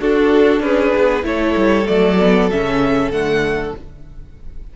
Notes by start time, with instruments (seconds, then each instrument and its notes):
0.00 cello D4, viola D4, violin F#4 A4
0.60 cello C#4, violin G#4 B4
0.96 cello B3
1.23 cello A3, viola E4, violin A4 C#5
1.56 cello G3
1.86 cello F#3, viola A3, violin D5
2.20 viola B3
2.50 cello C#3, viola C#4, violin E5
3.10 cello D3, viola A3, violin F#5